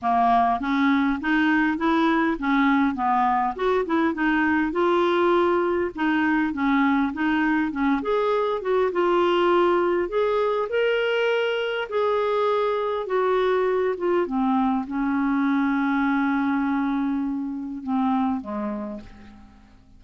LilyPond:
\new Staff \with { instrumentName = "clarinet" } { \time 4/4 \tempo 4 = 101 ais4 cis'4 dis'4 e'4 | cis'4 b4 fis'8 e'8 dis'4 | f'2 dis'4 cis'4 | dis'4 cis'8 gis'4 fis'8 f'4~ |
f'4 gis'4 ais'2 | gis'2 fis'4. f'8 | c'4 cis'2.~ | cis'2 c'4 gis4 | }